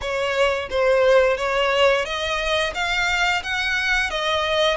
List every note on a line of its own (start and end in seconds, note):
0.01 0.69 C#5
0.70 1.37 C5
1.37 2.05 C#5
2.05 2.73 D#5
2.74 3.42 F5
3.43 4.10 F#5
4.10 4.76 D#5